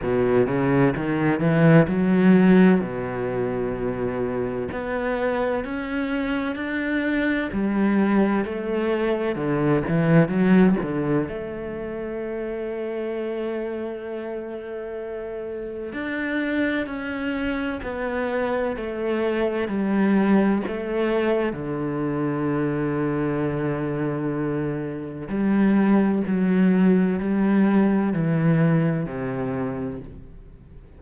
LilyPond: \new Staff \with { instrumentName = "cello" } { \time 4/4 \tempo 4 = 64 b,8 cis8 dis8 e8 fis4 b,4~ | b,4 b4 cis'4 d'4 | g4 a4 d8 e8 fis8 d8 | a1~ |
a4 d'4 cis'4 b4 | a4 g4 a4 d4~ | d2. g4 | fis4 g4 e4 c4 | }